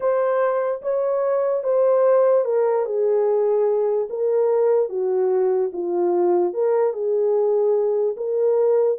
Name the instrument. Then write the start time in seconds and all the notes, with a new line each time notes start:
horn
0.00 C5
0.82 C#5
1.63 C5
2.45 A#4
2.85 G#4
4.09 A#4
4.89 F#4
5.73 F4
6.53 A#4
6.93 G#4
8.16 A#4